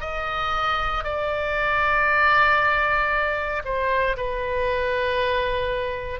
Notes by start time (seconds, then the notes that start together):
0.00 D#5
1.03 D5
3.64 C5
4.16 B4